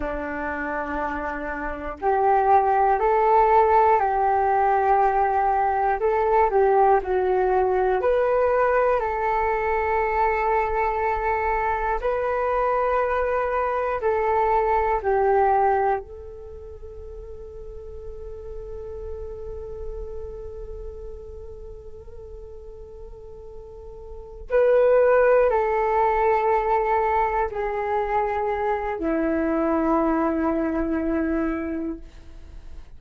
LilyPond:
\new Staff \with { instrumentName = "flute" } { \time 4/4 \tempo 4 = 60 d'2 g'4 a'4 | g'2 a'8 g'8 fis'4 | b'4 a'2. | b'2 a'4 g'4 |
a'1~ | a'1~ | a'8 b'4 a'2 gis'8~ | gis'4 e'2. | }